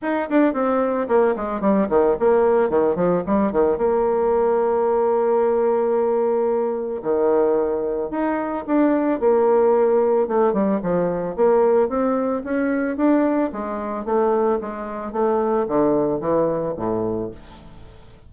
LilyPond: \new Staff \with { instrumentName = "bassoon" } { \time 4/4 \tempo 4 = 111 dis'8 d'8 c'4 ais8 gis8 g8 dis8 | ais4 dis8 f8 g8 dis8 ais4~ | ais1~ | ais4 dis2 dis'4 |
d'4 ais2 a8 g8 | f4 ais4 c'4 cis'4 | d'4 gis4 a4 gis4 | a4 d4 e4 a,4 | }